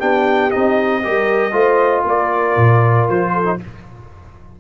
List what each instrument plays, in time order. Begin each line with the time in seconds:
0.00 tuba B3, trombone D4, horn G4, trumpet G5
0.51 tuba C4, trombone D#4, trumpet D#5
1.04 tuba G3, trombone G4, horn A#4
1.52 tuba A3, trombone F4, horn C5
2.05 tuba A#3, horn A#4, trumpet D5
2.57 tuba A#2
3.09 tuba F3, trumpet C5
3.34 horn A4
3.45 trombone D#4